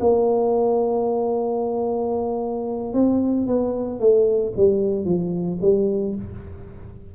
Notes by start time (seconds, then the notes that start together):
0.00 A#3
2.93 C4
3.47 B3
4.00 A3
4.57 G3
5.05 F3
5.62 G3